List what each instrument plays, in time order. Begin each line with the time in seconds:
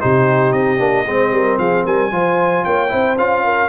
0.00 tuba C3, trombone D#4, horn G4, trumpet C5
0.52 tuba C4, trumpet D#5
0.78 tuba A#3, trombone D4
1.05 tuba G#3, trombone C4, horn C5
1.31 tuba G3, horn A#4
1.58 tuba F3, horn G#4, trumpet F5
1.84 tuba G3, horn A#4, trumpet G#5
2.11 tuba F3, trombone F4, horn C5
2.64 tuba A#3, horn C#5, trumpet G5
2.88 tuba C4, trombone E4, horn C5
3.17 tuba C#4, trombone F4, trumpet F5
3.44 horn A#4